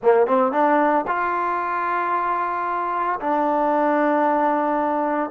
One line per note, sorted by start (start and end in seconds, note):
0.02 0.26 A#3
0.26 0.52 C4
0.52 1.05 D4
1.07 3.19 F4
3.20 5.30 D4